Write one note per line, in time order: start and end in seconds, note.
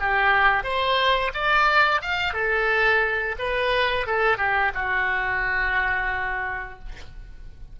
0.00 0.64 G4
0.64 1.32 C5
1.34 2.01 D5
2.01 2.33 F5
2.33 3.36 A4
3.38 4.07 B4
4.07 4.38 A4
4.38 4.72 G4
4.74 6.79 F#4